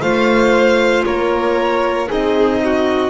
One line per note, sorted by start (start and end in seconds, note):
0.00 1.03 A3
0.00 2.07 F4
0.00 1.04 C5
0.00 1.04 F5
1.05 2.09 A#3
1.05 2.08 A#4
1.05 2.08 C#5
2.07 3.10 C4
2.07 3.10 D#4
2.07 2.60 G#4
2.07 3.10 D#5
2.64 3.10 F#4